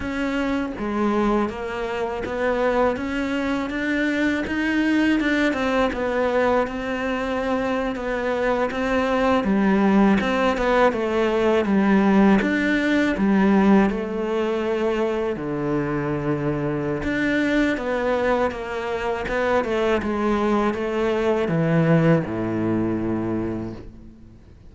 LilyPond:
\new Staff \with { instrumentName = "cello" } { \time 4/4 \tempo 4 = 81 cis'4 gis4 ais4 b4 | cis'4 d'4 dis'4 d'8 c'8 | b4 c'4.~ c'16 b4 c'16~ | c'8. g4 c'8 b8 a4 g16~ |
g8. d'4 g4 a4~ a16~ | a8. d2~ d16 d'4 | b4 ais4 b8 a8 gis4 | a4 e4 a,2 | }